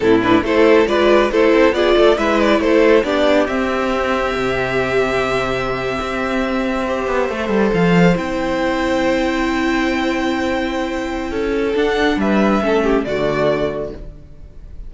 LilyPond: <<
  \new Staff \with { instrumentName = "violin" } { \time 4/4 \tempo 4 = 138 a'8 b'8 c''4 d''4 c''4 | d''4 e''8 d''8 c''4 d''4 | e''1~ | e''1~ |
e''4.~ e''16 f''4 g''4~ g''16~ | g''1~ | g''2. fis''4 | e''2 d''2 | }
  \new Staff \with { instrumentName = "violin" } { \time 4/4 e'4 a'4 b'4 a'4 | gis'8 a'8 b'4 a'4 g'4~ | g'1~ | g'2.~ g'8. c''16~ |
c''1~ | c''1~ | c''2 a'2 | b'4 a'8 g'8 fis'2 | }
  \new Staff \with { instrumentName = "viola" } { \time 4/4 c'8 d'8 e'4 f'4 e'4 | f'4 e'2 d'4 | c'1~ | c'2.~ c'8. g'16~ |
g'8. a'2 e'4~ e'16~ | e'1~ | e'2. d'4~ | d'4 cis'4 a2 | }
  \new Staff \with { instrumentName = "cello" } { \time 4/4 a,4 a4 gis4 a8 c'8 | b8 a8 gis4 a4 b4 | c'2 c2~ | c4.~ c16 c'2~ c'16~ |
c'16 b8 a8 g8 f4 c'4~ c'16~ | c'1~ | c'2 cis'4 d'4 | g4 a4 d2 | }
>>